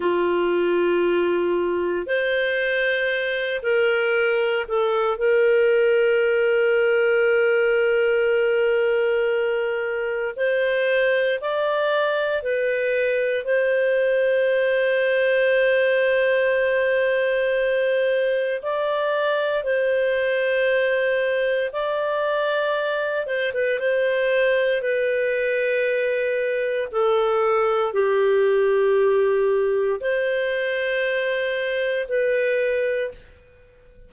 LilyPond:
\new Staff \with { instrumentName = "clarinet" } { \time 4/4 \tempo 4 = 58 f'2 c''4. ais'8~ | ais'8 a'8 ais'2.~ | ais'2 c''4 d''4 | b'4 c''2.~ |
c''2 d''4 c''4~ | c''4 d''4. c''16 b'16 c''4 | b'2 a'4 g'4~ | g'4 c''2 b'4 | }